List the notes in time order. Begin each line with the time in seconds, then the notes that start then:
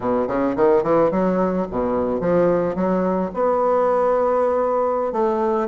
0.00 B2
0.27 C#3
0.56 D#3
0.83 E3
1.11 F#3
1.70 B2
2.20 F3
2.75 F#3
3.34 B3
5.12 A3